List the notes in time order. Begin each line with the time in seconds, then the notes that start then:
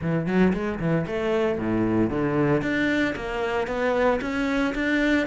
0.01 E3
0.26 F#3
0.53 G#3
0.79 E3
1.06 A3
1.58 A2
2.10 D3
2.61 D4
3.15 A#3
3.67 B3
4.21 C#4
4.74 D4